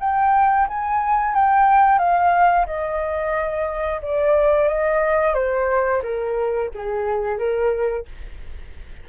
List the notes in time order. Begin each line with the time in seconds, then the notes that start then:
0.00 G5
0.68 G#5
1.35 G5
1.99 F5
2.66 D#5
4.02 D5
4.68 D#5
5.34 C5
6.03 A#4
6.74 G#4
7.38 A#4